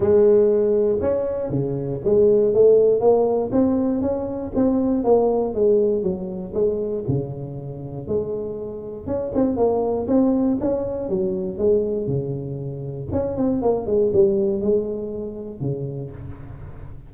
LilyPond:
\new Staff \with { instrumentName = "tuba" } { \time 4/4 \tempo 4 = 119 gis2 cis'4 cis4 | gis4 a4 ais4 c'4 | cis'4 c'4 ais4 gis4 | fis4 gis4 cis2 |
gis2 cis'8 c'8 ais4 | c'4 cis'4 fis4 gis4 | cis2 cis'8 c'8 ais8 gis8 | g4 gis2 cis4 | }